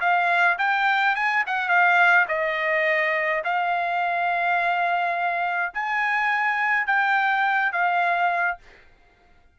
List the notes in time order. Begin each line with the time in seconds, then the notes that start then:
0.00 F5
0.58 G5
1.15 G#5
1.46 F#5
1.68 F5
2.28 D#5
3.44 F5
5.74 G#5
6.86 G5
7.72 F5